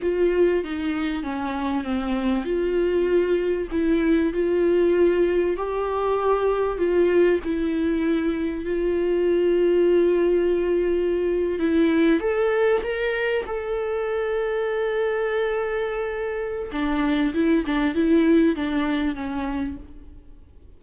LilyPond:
\new Staff \with { instrumentName = "viola" } { \time 4/4 \tempo 4 = 97 f'4 dis'4 cis'4 c'4 | f'2 e'4 f'4~ | f'4 g'2 f'4 | e'2 f'2~ |
f'2~ f'8. e'4 a'16~ | a'8. ais'4 a'2~ a'16~ | a'2. d'4 | e'8 d'8 e'4 d'4 cis'4 | }